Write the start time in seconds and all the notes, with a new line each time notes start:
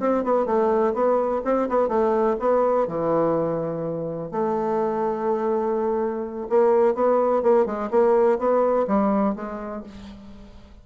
0.00 C4
0.24 B3
0.46 A3
0.94 B3
1.45 C4
1.70 B3
1.89 A3
2.40 B3
2.88 E3
4.32 A3
6.50 A#3
6.95 B3
7.43 A#3
7.66 G#3
7.91 A#3
8.39 B3
8.88 G3
9.36 G#3